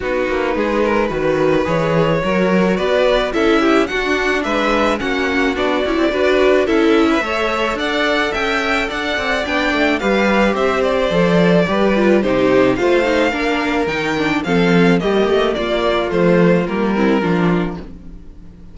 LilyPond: <<
  \new Staff \with { instrumentName = "violin" } { \time 4/4 \tempo 4 = 108 b'2. cis''4~ | cis''4 d''4 e''4 fis''4 | e''4 fis''4 d''2 | e''2 fis''4 g''4 |
fis''4 g''4 f''4 e''8 d''8~ | d''2 c''4 f''4~ | f''4 g''4 f''4 dis''4 | d''4 c''4 ais'2 | }
  \new Staff \with { instrumentName = "violin" } { \time 4/4 fis'4 gis'8 ais'8 b'2 | ais'4 b'4 a'8 g'8 fis'4 | b'4 fis'2 b'4 | a'8. b'16 cis''4 d''4 e''4 |
d''2 b'4 c''4~ | c''4 b'4 g'4 c''4 | ais'2 a'4 g'4 | f'2~ f'8 e'8 f'4 | }
  \new Staff \with { instrumentName = "viola" } { \time 4/4 dis'2 fis'4 gis'4 | fis'2 e'4 d'4~ | d'4 cis'4 d'8 e'8 fis'4 | e'4 a'2.~ |
a'4 d'4 g'2 | a'4 g'8 f'8 dis'4 f'8 dis'8 | d'4 dis'8 d'8 c'4 ais4~ | ais4 a4 ais8 c'8 d'4 | }
  \new Staff \with { instrumentName = "cello" } { \time 4/4 b8 ais8 gis4 dis4 e4 | fis4 b4 cis'4 d'4 | gis4 ais4 b8 cis'16 c'16 d'4 | cis'4 a4 d'4 cis'4 |
d'8 c'8 b8 a8 g4 c'4 | f4 g4 c4 a4 | ais4 dis4 f4 g8 a8 | ais4 f4 g4 f4 | }
>>